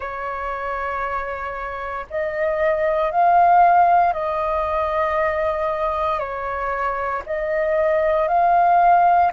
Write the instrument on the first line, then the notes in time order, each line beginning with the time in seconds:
flute
0.00 C#5
2.09 D#5
3.11 F5
4.13 D#5
6.19 C#5
7.26 D#5
8.28 F5